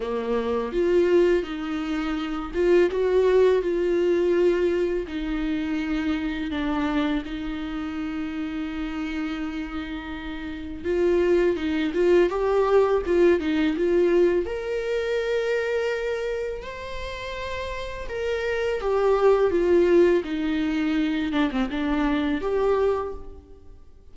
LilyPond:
\new Staff \with { instrumentName = "viola" } { \time 4/4 \tempo 4 = 83 ais4 f'4 dis'4. f'8 | fis'4 f'2 dis'4~ | dis'4 d'4 dis'2~ | dis'2. f'4 |
dis'8 f'8 g'4 f'8 dis'8 f'4 | ais'2. c''4~ | c''4 ais'4 g'4 f'4 | dis'4. d'16 c'16 d'4 g'4 | }